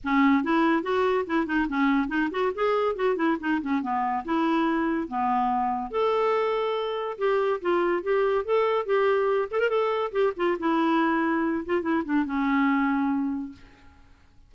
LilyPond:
\new Staff \with { instrumentName = "clarinet" } { \time 4/4 \tempo 4 = 142 cis'4 e'4 fis'4 e'8 dis'8 | cis'4 dis'8 fis'8 gis'4 fis'8 e'8 | dis'8 cis'8 b4 e'2 | b2 a'2~ |
a'4 g'4 f'4 g'4 | a'4 g'4. a'16 ais'16 a'4 | g'8 f'8 e'2~ e'8 f'8 | e'8 d'8 cis'2. | }